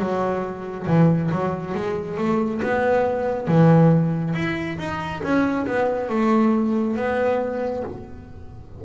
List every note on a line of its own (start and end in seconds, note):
0.00 0.87 F#3
0.87 1.31 E3
1.31 1.75 F#3
1.75 2.18 G#3
2.18 2.62 A3
2.63 3.48 B3
3.48 4.34 E3
4.34 4.78 E4
4.79 5.23 D#4
5.23 5.67 C#4
5.67 6.09 B3
6.09 6.96 A3
6.96 7.83 B3